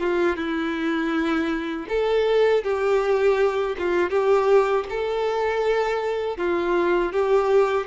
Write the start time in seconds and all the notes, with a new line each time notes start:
0.00 F4
0.37 E4
1.89 A4
2.64 G4
3.79 F4
4.10 G4
4.90 A4
6.38 F4
7.13 G4